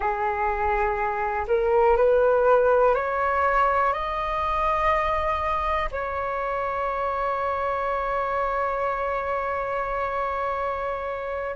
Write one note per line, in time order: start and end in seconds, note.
0.00 1.45 G#4
1.47 1.96 A#4
1.97 2.95 B4
2.95 3.93 C#5
3.93 5.89 D#5
5.91 11.56 C#5